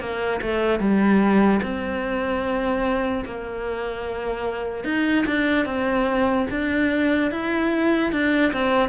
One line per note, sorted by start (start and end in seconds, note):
0.00 0.41 A#3
0.41 0.80 A3
0.80 1.61 G3
1.62 3.24 C4
3.25 4.85 A#3
4.85 5.25 D#4
5.26 5.66 D4
5.66 6.47 C4
6.50 7.31 D4
7.31 8.12 E4
8.12 8.53 D4
8.53 8.89 C4